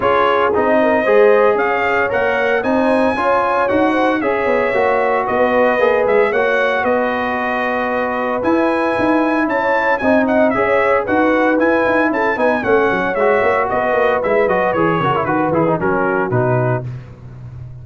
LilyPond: <<
  \new Staff \with { instrumentName = "trumpet" } { \time 4/4 \tempo 4 = 114 cis''4 dis''2 f''4 | fis''4 gis''2 fis''4 | e''2 dis''4. e''8 | fis''4 dis''2. |
gis''2 a''4 gis''8 fis''8 | e''4 fis''4 gis''4 a''8 gis''8 | fis''4 e''4 dis''4 e''8 dis''8 | cis''4 b'8 gis'8 ais'4 b'4 | }
  \new Staff \with { instrumentName = "horn" } { \time 4/4 gis'4. ais'8 c''4 cis''4~ | cis''4 c''4 cis''4. c''8 | cis''2 b'2 | cis''4 b'2.~ |
b'2 cis''4 dis''4 | cis''4 b'2 a'8 b'8 | cis''2 b'2~ | b'8 ais'8 b'4 fis'2 | }
  \new Staff \with { instrumentName = "trombone" } { \time 4/4 f'4 dis'4 gis'2 | ais'4 dis'4 f'4 fis'4 | gis'4 fis'2 gis'4 | fis'1 |
e'2. dis'4 | gis'4 fis'4 e'4. dis'8 | cis'4 fis'2 e'8 fis'8 | gis'8 fis'16 e'16 fis'8 e'16 dis'16 cis'4 dis'4 | }
  \new Staff \with { instrumentName = "tuba" } { \time 4/4 cis'4 c'4 gis4 cis'4 | ais4 c'4 cis'4 dis'4 | cis'8 b8 ais4 b4 ais8 gis8 | ais4 b2. |
e'4 dis'4 cis'4 c'4 | cis'4 dis'4 e'8 dis'8 cis'8 b8 | a8 fis8 gis8 ais8 b8 ais8 gis8 fis8 | e8 cis8 dis8 e8 fis4 b,4 | }
>>